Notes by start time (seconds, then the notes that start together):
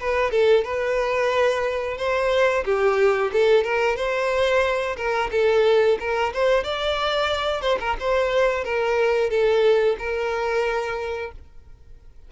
0.00 B4
0.31 A4
0.64 B4
1.97 C5
2.65 G4
3.32 A4
3.63 A#4
3.95 C5
4.96 A#4
5.31 A4
5.99 A#4
6.33 C5
6.63 D5
7.61 C5
7.79 A#4
7.99 C5
8.64 A#4
9.30 A4
9.98 A#4